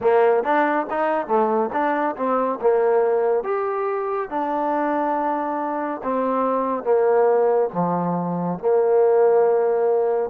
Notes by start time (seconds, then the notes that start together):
0.00 A#3
0.43 D4
0.90 D#4
1.27 A3
1.72 D4
2.16 C4
2.61 A#3
3.43 G4
4.29 D4
6.03 C4
6.83 A#3
7.73 F3
8.59 A#3